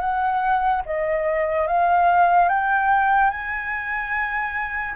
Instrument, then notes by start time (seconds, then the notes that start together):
flute
0.00 F#5
0.86 D#5
1.68 F5
2.49 G5
3.31 G#5